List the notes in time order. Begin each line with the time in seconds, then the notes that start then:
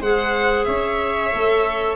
0.00 G#3 G#4 C5 F#5
0.65 C#4 C#5 E5
1.31 A3 A4